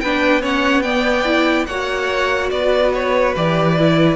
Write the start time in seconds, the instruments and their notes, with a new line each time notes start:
0.00 cello B3, viola D4, violin B4 G5
0.42 viola C#4, violin C#5 F#5
0.82 viola B3, violin D5 G5
1.25 viola E4
1.67 cello A#3, viola F#4, violin C#5 F#5
2.50 cello B3, violin B4 D5
2.94 violin C#5
3.36 cello E3, viola G4, violin D5
3.79 viola E4